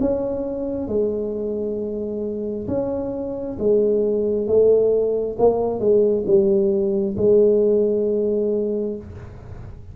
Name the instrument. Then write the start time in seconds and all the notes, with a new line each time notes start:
tuba
0.00 C#4
0.88 G#3
2.67 C#4
3.59 G#3
4.47 A3
5.38 A#3
5.79 G#3
6.26 G3
7.17 G#3